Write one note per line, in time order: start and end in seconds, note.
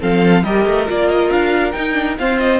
0.00 0.43 F3
0.00 0.44 C4
0.00 0.43 A4
0.00 0.44 F5
0.43 0.65 G3
0.43 0.86 G4
0.43 2.18 A#4
0.43 0.87 D#5
0.65 0.87 A3
0.86 1.30 A#3
0.86 1.73 F4
0.86 1.10 D5
1.10 1.31 D#5
1.30 1.74 D4
1.30 1.72 F5
1.72 1.93 D#4
1.72 2.18 D#4
1.72 2.16 G5
1.93 2.15 D4
2.18 2.60 C4
2.18 2.60 F4
2.18 2.60 C5
2.18 2.39 F5
2.39 2.60 D#5